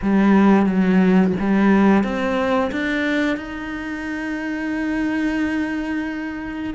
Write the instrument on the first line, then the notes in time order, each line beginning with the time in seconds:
cello
0.02 G3
0.66 F#3
1.39 G3
2.03 C4
2.71 D4
3.36 D#4